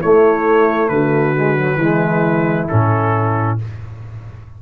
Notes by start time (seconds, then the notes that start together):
0.00 A3 E4 C#5
0.88 D3 F#4 B4
1.36 G#3
1.56 F#3
1.75 E3 G#3 E4
2.68 A2 C#4 A4